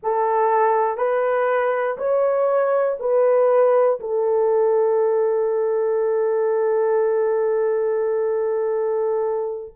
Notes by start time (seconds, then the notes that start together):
0.03 A4
0.97 B4
1.97 C#5
3.00 B4
4.00 A4